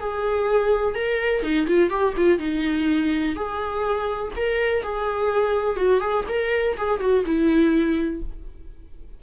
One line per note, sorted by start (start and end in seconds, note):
0.00 0.95 G#4
0.95 1.43 A#4
1.43 1.67 D#4
1.67 1.90 F4
1.90 2.14 G4
2.17 2.39 F4
2.39 3.35 D#4
3.35 4.32 G#4
4.36 4.83 A#4
4.83 5.76 G#4
5.76 6.00 F#4
6.00 6.24 G#4
6.28 6.77 A#4
6.77 7.00 G#4
7.00 7.24 F#4
7.25 8.22 E4